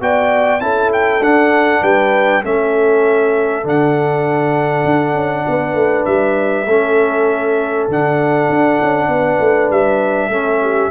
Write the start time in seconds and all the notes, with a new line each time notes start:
0.00 B3 F#4 D5 G5
0.60 C#4 E4 A4 A5
0.93 G5
1.20 D4 F#5
1.81 G3 B4 G5
2.43 A3 C#4 A4 E5
3.63 D3 D4 F#5
4.85 D4
5.14 C#4
5.48 B3 B4
5.74 A3
6.05 G3 E5
6.66 A3 C#4 A4
7.88 D3 D4 F#5
8.49 D4
8.82 C#4
9.08 B3 B4
9.40 A3
9.70 G3 E5
10.28 A3 C#4 A4
10.61 G4